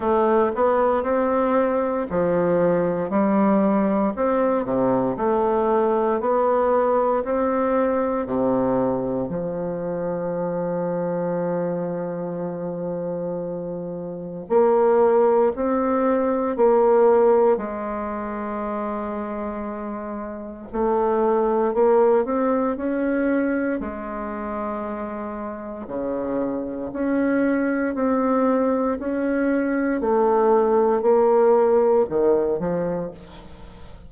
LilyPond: \new Staff \with { instrumentName = "bassoon" } { \time 4/4 \tempo 4 = 58 a8 b8 c'4 f4 g4 | c'8 c8 a4 b4 c'4 | c4 f2.~ | f2 ais4 c'4 |
ais4 gis2. | a4 ais8 c'8 cis'4 gis4~ | gis4 cis4 cis'4 c'4 | cis'4 a4 ais4 dis8 f8 | }